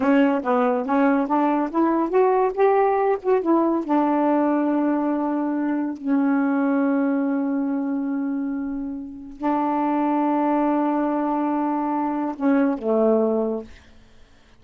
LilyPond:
\new Staff \with { instrumentName = "saxophone" } { \time 4/4 \tempo 4 = 141 cis'4 b4 cis'4 d'4 | e'4 fis'4 g'4. fis'8 | e'4 d'2.~ | d'2 cis'2~ |
cis'1~ | cis'2 d'2~ | d'1~ | d'4 cis'4 a2 | }